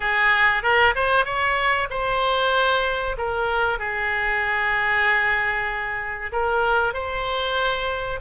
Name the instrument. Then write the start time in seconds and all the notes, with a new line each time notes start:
oboe
0.00 G#4
0.63 A#4
0.95 C5
1.25 C#5
1.89 C5
3.18 A#4
3.78 G#4
6.32 A#4
6.93 C5